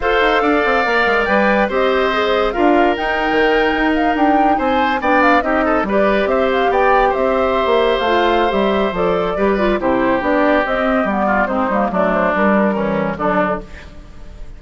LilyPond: <<
  \new Staff \with { instrumentName = "flute" } { \time 4/4 \tempo 4 = 141 f''2. g''4 | dis''2 f''4 g''4~ | g''4~ g''16 f''8 g''4 gis''4 g''16~ | g''16 f''8 dis''4 d''4 e''8 f''8 g''16~ |
g''8. e''2 f''4~ f''16 | e''4 d''2 c''4 | d''4 dis''4 d''4 c''4 | d''8 c''8 ais'2 a'4 | }
  \new Staff \with { instrumentName = "oboe" } { \time 4/4 c''4 d''2. | c''2 ais'2~ | ais'2~ ais'8. c''4 d''16~ | d''8. g'8 a'8 b'4 c''4 d''16~ |
d''8. c''2.~ c''16~ | c''2 b'4 g'4~ | g'2~ g'8 f'8 dis'4 | d'2 cis'4 d'4 | }
  \new Staff \with { instrumentName = "clarinet" } { \time 4/4 a'2 ais'4 b'4 | g'4 gis'4 f'4 dis'4~ | dis'2.~ dis'8. d'16~ | d'8. dis'4 g'2~ g'16~ |
g'2. f'4 | g'4 a'4 g'8 f'8 e'4 | d'4 c'4 b4 c'8 ais8 | a4 g4 e4 fis4 | }
  \new Staff \with { instrumentName = "bassoon" } { \time 4/4 f'8 dis'8 d'8 c'8 ais8 gis8 g4 | c'2 d'4 dis'8. dis16~ | dis8. dis'4 d'4 c'4 b16~ | b8. c'4 g4 c'4 b16~ |
b8. c'4~ c'16 ais8. a4~ a16 | g4 f4 g4 c4 | b4 c'4 g4 gis8 g8 | fis4 g2 d4 | }
>>